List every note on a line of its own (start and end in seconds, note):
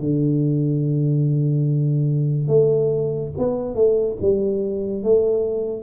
0.00 2.48 D3
2.48 3.31 A3
3.39 3.75 B3
3.75 4.17 A3
4.22 5.04 G3
5.04 5.83 A3